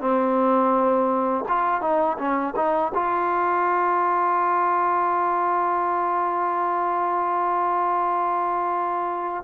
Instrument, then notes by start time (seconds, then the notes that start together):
trombone
0.00 C4
1.48 F4
1.81 D#4
2.18 C#4
2.56 D#4
2.94 F4